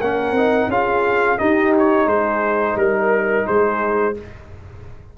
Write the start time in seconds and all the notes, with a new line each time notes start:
0.00 A#3 C#4 A#4 F#5
0.32 C4 D#4
0.68 C#4 F4 G#4 F5
1.38 D#4 G4 D#5
1.78 C#5
2.06 G#3 G#4 C5
2.76 G3 A#4
3.47 G#3 G#4 C5